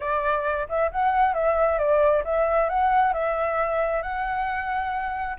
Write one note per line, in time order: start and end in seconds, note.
0.00 0.67 D5
0.68 0.91 E5
0.91 1.34 F#5
1.34 1.78 E5
1.78 2.23 D5
2.24 2.69 E5
2.69 3.13 F#5
3.13 4.02 E5
4.02 5.36 F#5